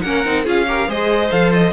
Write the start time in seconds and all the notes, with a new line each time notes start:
0.00 A#3 C#4 A#4 F#5
0.25 C4 D#4
0.44 C#4 F4 G#4 F5
0.67 G4 A#4
0.87 G#3 G#4 C5 D#5
1.30 F3 A4 F5
1.52 D#5